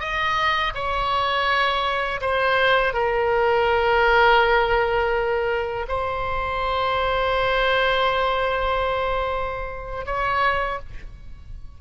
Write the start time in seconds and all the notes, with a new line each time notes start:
0.00 D#5
0.75 C#5
2.21 C5
2.94 A#4
5.88 C5
10.06 C#5